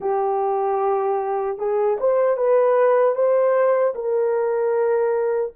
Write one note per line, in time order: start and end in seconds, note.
0.00 1.58 G4
1.58 1.97 G#4
2.00 2.36 C5
2.36 3.15 B4
3.15 3.94 C5
3.95 5.53 A#4